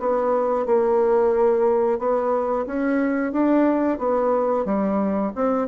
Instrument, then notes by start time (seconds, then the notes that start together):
bassoon
0.00 B3
0.66 A#3
1.99 B3
2.67 C#4
3.33 D4
3.99 B3
4.66 G3
5.35 C4